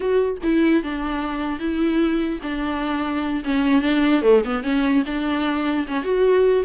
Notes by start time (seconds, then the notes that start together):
0.00 F#4
0.43 E4
0.83 D4
1.59 E4
2.42 D4
3.44 C#4
3.81 D4
4.22 A3
4.44 B3
4.63 C#4
5.06 D4
5.87 C#4
6.03 F#4